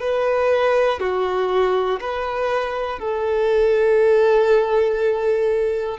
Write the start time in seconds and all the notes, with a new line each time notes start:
0.00 B4
1.00 F#4
2.00 B4
3.00 A4